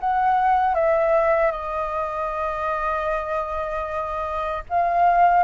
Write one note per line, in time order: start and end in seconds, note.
0.00 0.74 F#5
0.74 1.51 E5
1.51 4.63 D#5
4.69 5.43 F5